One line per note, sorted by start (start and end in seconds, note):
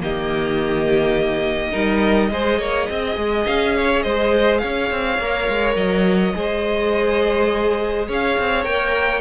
0.00 1.74 D#3
0.00 1.72 A#3
0.00 1.72 G4
0.00 3.46 D#5
1.72 2.30 G3
1.72 2.29 D#4
1.72 2.29 A#4
2.30 2.59 G#3
2.30 5.21 G#4
2.30 2.59 C5
2.59 2.87 A#3
2.59 2.88 C#5
2.90 3.17 C4
2.90 3.77 D#5
3.17 3.46 G#3
3.46 4.05 C#4
3.46 4.02 F5
3.77 4.03 C#5
4.02 4.62 G#3
4.02 4.61 C5
4.02 4.58 D#5
4.58 4.91 C#4
4.58 6.34 C#5
4.58 5.73 F5
4.91 5.19 C4
5.19 5.47 A#3
5.19 6.34 A#4
5.48 5.76 G#3
5.76 6.33 F#3
5.76 8.06 D#5
6.34 8.08 G#3
6.34 8.64 G#4
6.34 8.08 C5
8.08 8.37 C#4
8.08 9.21 C#5
8.08 8.64 F5
8.39 8.65 C4
8.64 9.21 A#3
8.64 9.21 A#4
8.64 9.21 G5